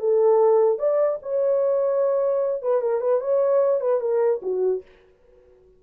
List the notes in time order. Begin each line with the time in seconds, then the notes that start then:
0.00 A4
0.79 D5
1.22 C#5
2.62 B4
2.81 A#4
3.01 B4
3.21 C#5
3.81 B4
4.00 A#4
4.42 F#4